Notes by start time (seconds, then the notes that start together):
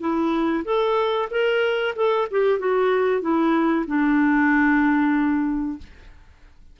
0.00 E4
0.64 A4
1.30 A#4
1.96 A4
2.31 G4
2.59 F#4
3.21 E4
3.86 D4